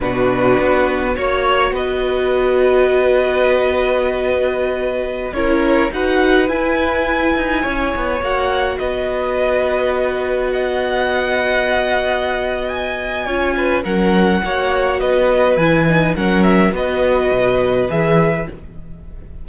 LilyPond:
<<
  \new Staff \with { instrumentName = "violin" } { \time 4/4 \tempo 4 = 104 b'2 cis''4 dis''4~ | dis''1~ | dis''4~ dis''16 cis''4 fis''4 gis''8.~ | gis''2~ gis''16 fis''4 dis''8.~ |
dis''2~ dis''16 fis''4.~ fis''16~ | fis''2 gis''2 | fis''2 dis''4 gis''4 | fis''8 e''8 dis''2 e''4 | }
  \new Staff \with { instrumentName = "violin" } { \time 4/4 fis'2 cis''4 b'4~ | b'1~ | b'4~ b'16 ais'4 b'4.~ b'16~ | b'4~ b'16 cis''2 b'8.~ |
b'2~ b'16 dis''4.~ dis''16~ | dis''2. cis''8 b'8 | ais'4 cis''4 b'2 | ais'4 b'2. | }
  \new Staff \with { instrumentName = "viola" } { \time 4/4 d'2 fis'2~ | fis'1~ | fis'4~ fis'16 e'4 fis'4 e'8.~ | e'2~ e'16 fis'4.~ fis'16~ |
fis'1~ | fis'2. f'4 | cis'4 fis'2 e'8 dis'8 | cis'4 fis'2 gis'4 | }
  \new Staff \with { instrumentName = "cello" } { \time 4/4 b,4 b4 ais4 b4~ | b1~ | b4~ b16 cis'4 dis'4 e'8.~ | e'8. dis'8 cis'8 b8 ais4 b8.~ |
b1~ | b2. cis'4 | fis4 ais4 b4 e4 | fis4 b4 b,4 e4 | }
>>